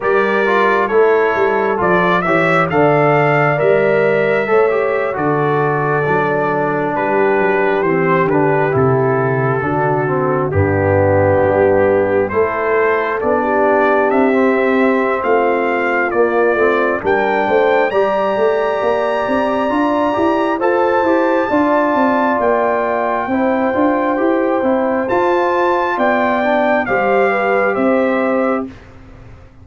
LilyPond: <<
  \new Staff \with { instrumentName = "trumpet" } { \time 4/4 \tempo 4 = 67 d''4 cis''4 d''8 e''8 f''4 | e''4.~ e''16 d''2 b'16~ | b'8. c''8 b'8 a'2 g'16~ | g'4.~ g'16 c''4 d''4 e''16~ |
e''4 f''4 d''4 g''4 | ais''2. a''4~ | a''4 g''2. | a''4 g''4 f''4 e''4 | }
  \new Staff \with { instrumentName = "horn" } { \time 4/4 ais'4 a'4. cis''8 d''4~ | d''4 cis''8. a'2 g'16~ | g'2~ g'8. fis'4 d'16~ | d'4.~ d'16 a'4~ a'16 g'4~ |
g'4 f'2 ais'8 c''8 | d''2. c''4 | d''2 c''2~ | c''4 d''4 c''8 b'8 c''4 | }
  \new Staff \with { instrumentName = "trombone" } { \time 4/4 g'8 f'8 e'4 f'8 g'8 a'4 | ais'4 a'16 g'8 fis'4 d'4~ d'16~ | d'8. c'8 d'8 e'4 d'8 c'8 b16~ | b4.~ b16 e'4 d'4~ d'16 |
c'2 ais8 c'8 d'4 | g'2 f'8 g'8 a'8 g'8 | f'2 e'8 f'8 g'8 e'8 | f'4. d'8 g'2 | }
  \new Staff \with { instrumentName = "tuba" } { \time 4/4 g4 a8 g8 f8 e8 d4 | g4 a8. d4 fis4 g16~ | g16 fis8 e8 d8 c4 d4 g,16~ | g,8. g4 a4 b4 c'16~ |
c'4 a4 ais8 a8 g8 a8 | g8 a8 ais8 c'8 d'8 e'8 f'8 e'8 | d'8 c'8 ais4 c'8 d'8 e'8 c'8 | f'4 b4 g4 c'4 | }
>>